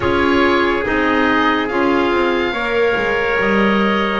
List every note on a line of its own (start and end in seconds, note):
0.00 0.85 C#4
0.00 0.83 F4
0.00 2.52 G#4
0.00 0.84 C#5
0.83 1.70 C4
0.83 1.68 D#4
0.83 1.68 D#5
1.68 2.11 C#4
1.68 2.54 F4
1.68 3.37 F5
2.11 2.52 C4
2.52 2.94 A#3
2.52 4.19 A#4
2.52 4.19 C#5
2.95 3.38 G#3
3.38 4.19 G3
3.38 4.19 D#5